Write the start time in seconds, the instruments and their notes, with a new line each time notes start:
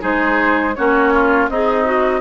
0.00 bassoon G#3, clarinet D#4, oboe G#4, flute C5
0.75 bassoon A#3, clarinet C#4, oboe F#4, flute C#5
1.13 oboe F4
1.49 bassoon C4, oboe D#4, clarinet G#4, flute D#5
1.85 clarinet F#4